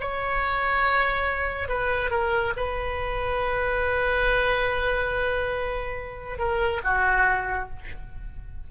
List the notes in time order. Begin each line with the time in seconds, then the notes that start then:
0.00 C#5
1.68 B4
2.10 A#4
2.56 B4
6.39 A#4
6.84 F#4